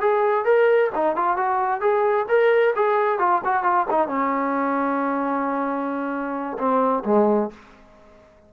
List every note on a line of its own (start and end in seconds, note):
0.00 0.45 G#4
0.45 0.90 A#4
0.95 1.16 D#4
1.16 1.37 F4
1.37 1.80 F#4
1.80 2.26 G#4
2.28 2.74 A#4
2.75 3.19 G#4
3.19 3.41 F4
3.44 3.63 F#4
3.63 3.86 F4
3.90 4.07 D#4
4.07 6.57 C#4
6.58 7.04 C4
7.05 7.50 G#3